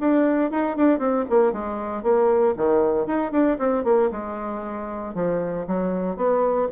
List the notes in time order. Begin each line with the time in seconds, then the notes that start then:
0.00 D4
0.51 D#4
0.76 D4
0.99 C4
1.29 A#3
1.52 G#3
2.02 A#3
2.57 D#3
3.06 D#4
3.31 D4
3.58 C4
3.84 A#3
4.11 G#3
5.14 F3
5.67 F#3
6.16 B3